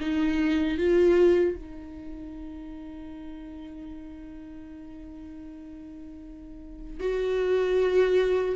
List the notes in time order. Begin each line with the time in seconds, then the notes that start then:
0.00 D#4
0.77 F4
1.55 D#4
7.00 F#4